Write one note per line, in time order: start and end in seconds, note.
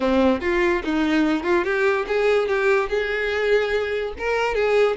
0.00 0.40 C4
0.40 0.82 F4
0.84 1.43 D#4
1.43 1.64 F4
1.64 2.05 G4
2.07 2.48 G#4
2.48 2.89 G4
2.89 4.13 G#4
4.18 4.54 A#4
4.54 4.96 G#4